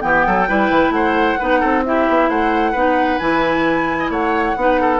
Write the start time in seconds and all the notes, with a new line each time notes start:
0.00 E3 B3 G4 G5
0.26 F#3 A4
0.48 G3 E4 B4
0.70 E3
0.89 A3 C5 F#5
1.39 B3 D#4 B4
1.60 C4 A4
1.85 E4 G4 E5
2.08 B3
2.29 A3 C5 F#5
2.71 B3 D#4 B4
3.18 E3 E4 G#5
3.99 D#5
4.09 A3 C#5 F#5
4.56 B3 D#4 B4
4.80 A4